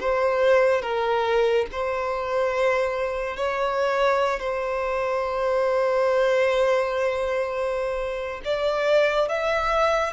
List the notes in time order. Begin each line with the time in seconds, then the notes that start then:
0.00 C5
0.81 A#4
1.72 C5
3.36 C#5
4.39 C5
8.44 D5
9.28 E5